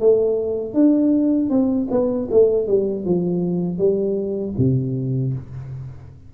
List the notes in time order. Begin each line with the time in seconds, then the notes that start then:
0.00 A3
0.74 D4
1.49 C4
1.90 B3
2.31 A3
2.67 G3
3.05 F3
3.78 G3
4.58 C3